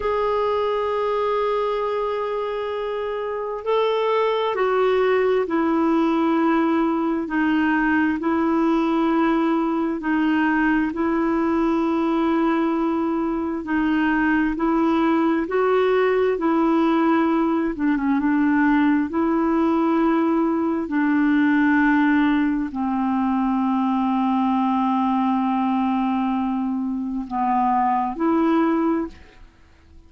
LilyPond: \new Staff \with { instrumentName = "clarinet" } { \time 4/4 \tempo 4 = 66 gis'1 | a'4 fis'4 e'2 | dis'4 e'2 dis'4 | e'2. dis'4 |
e'4 fis'4 e'4. d'16 cis'16 | d'4 e'2 d'4~ | d'4 c'2.~ | c'2 b4 e'4 | }